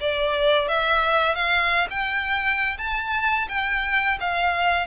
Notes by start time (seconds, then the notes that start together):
0.00 D5
0.68 E5
1.35 F5
1.90 G5
2.78 A5
3.48 G5
4.20 F5